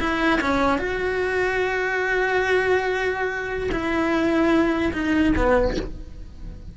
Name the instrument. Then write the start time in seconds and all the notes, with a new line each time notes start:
cello
0.00 E4
0.41 C#4
0.79 F#4
3.72 E4
4.93 D#4
5.36 B3